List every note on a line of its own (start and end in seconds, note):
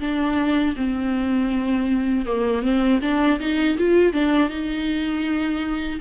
0.00 0.75 D4
0.76 2.26 C4
2.26 2.62 A#3
2.62 3.00 C4
3.02 3.40 D4
3.40 3.77 D#4
3.78 4.13 F4
4.13 4.49 D4
4.49 5.99 D#4